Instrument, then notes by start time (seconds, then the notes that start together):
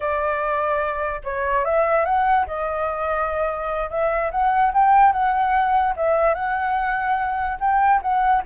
flute
0.00 D5
1.23 C#5
1.64 E5
2.05 F#5
2.47 D#5
3.89 E5
4.31 F#5
4.73 G5
5.12 F#5
5.96 E5
6.34 F#5
7.59 G5
8.01 F#5